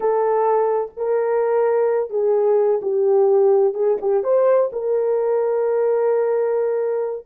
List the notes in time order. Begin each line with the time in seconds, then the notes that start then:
0.00 A4
0.97 A#4
2.10 G#4
2.82 G4
3.74 G#4
4.01 G4
4.23 C5
4.72 A#4